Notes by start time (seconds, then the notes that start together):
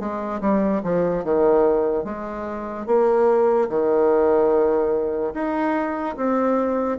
0.00 G#3
0.41 G3
0.84 F3
1.24 D#3
2.05 G#3
2.87 A#3
3.70 D#3
5.34 D#4
6.16 C4